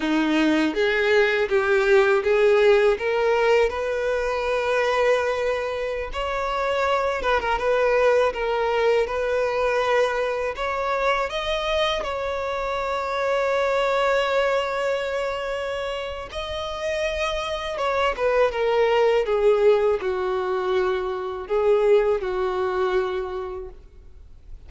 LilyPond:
\new Staff \with { instrumentName = "violin" } { \time 4/4 \tempo 4 = 81 dis'4 gis'4 g'4 gis'4 | ais'4 b'2.~ | b'16 cis''4. b'16 ais'16 b'4 ais'8.~ | ais'16 b'2 cis''4 dis''8.~ |
dis''16 cis''2.~ cis''8.~ | cis''2 dis''2 | cis''8 b'8 ais'4 gis'4 fis'4~ | fis'4 gis'4 fis'2 | }